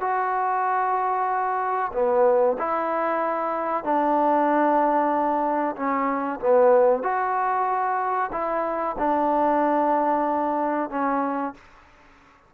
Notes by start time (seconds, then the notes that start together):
0.00 F#4
1.93 B3
2.58 E4
3.84 D4
5.76 C#4
6.40 B3
7.02 F#4
8.32 E4
8.98 D4
10.90 C#4